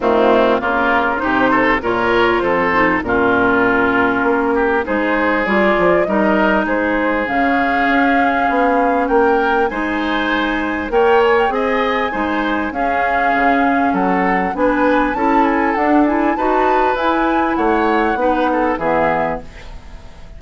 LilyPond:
<<
  \new Staff \with { instrumentName = "flute" } { \time 4/4 \tempo 4 = 99 f'4 ais'4 c''4 cis''4 | c''4 ais'2. | c''4 d''4 dis''4 c''4 | f''2. g''4 |
gis''2 g''8 gis''16 g''16 gis''4~ | gis''4 f''2 fis''4 | gis''4 a''8 gis''8 fis''8 gis''8 a''4 | gis''4 fis''2 e''4 | }
  \new Staff \with { instrumentName = "oboe" } { \time 4/4 c'4 f'4 g'8 a'8 ais'4 | a'4 f'2~ f'8 g'8 | gis'2 ais'4 gis'4~ | gis'2. ais'4 |
c''2 cis''4 dis''4 | c''4 gis'2 a'4 | b'4 a'2 b'4~ | b'4 cis''4 b'8 a'8 gis'4 | }
  \new Staff \with { instrumentName = "clarinet" } { \time 4/4 a4 ais4 dis'4 f'4~ | f'8 dis'8 cis'2. | dis'4 f'4 dis'2 | cis'1 |
dis'2 ais'4 gis'4 | dis'4 cis'2. | d'4 e'4 d'8 e'8 fis'4 | e'2 dis'4 b4 | }
  \new Staff \with { instrumentName = "bassoon" } { \time 4/4 dis4 cis4 c4 ais,4 | f,4 ais,2 ais4 | gis4 g8 f8 g4 gis4 | cis4 cis'4 b4 ais4 |
gis2 ais4 c'4 | gis4 cis'4 cis4 fis4 | b4 cis'4 d'4 dis'4 | e'4 a4 b4 e4 | }
>>